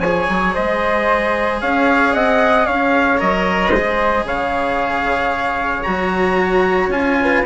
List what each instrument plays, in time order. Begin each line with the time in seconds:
0.00 bassoon F3, cello G#4, flute C#5, trumpet G#5
0.29 bassoon F#3
0.55 bassoon G#3, flute C5, trumpet D#5
1.62 bassoon C#4, flute C#5, trumpet F5
2.14 bassoon C4, flute D#5, trumpet F#5
2.66 bassoon C#4, flute C#5, trumpet F5
3.18 bassoon F#3, cello A#4, trumpet D#5
3.71 bassoon G#3, cello G#4, flute C5
4.24 bassoon C#3, flute C#5, trumpet F5
5.84 bassoon F#3, cello F#4, trumpet A#5
6.88 bassoon C#4, cello F4, trumpet G#5
7.22 flute B4